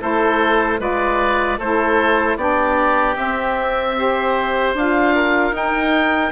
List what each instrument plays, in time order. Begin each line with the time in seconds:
0.00 bassoon A3, saxophone E4, oboe A4 C5
0.78 bassoon G#3, saxophone F4, oboe B4 D5
1.58 bassoon A3, saxophone E4, oboe A4 C5
2.36 bassoon B3, saxophone D4, oboe G4 D5
3.15 saxophone C4, bassoon C4, oboe E5
3.96 saxophone G4, oboe C5
4.74 bassoon D4, saxophone F4, oboe F5
5.15 oboe A#4
5.51 bassoon D#4, saxophone D#4, oboe G5